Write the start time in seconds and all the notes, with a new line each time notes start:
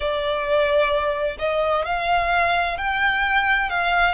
0.00 D5
1.38 D#5
1.85 F5
2.77 G5
3.69 F5